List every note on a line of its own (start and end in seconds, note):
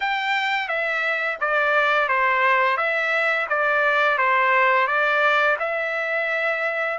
0.00 0.68 G5
0.68 1.38 E5
1.40 2.08 D5
2.08 2.77 C5
2.77 3.47 E5
3.49 4.18 D5
4.18 4.87 C5
4.87 5.57 D5
5.59 6.98 E5